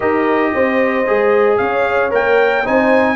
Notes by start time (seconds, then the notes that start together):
0.00 D#4 G4 A#4 D#5
0.53 C4 C5
1.06 G#3 G#4
1.57 C#4 C#5 F5
2.10 A#3 A#4 G5
2.64 C4 D#4 C5 G#5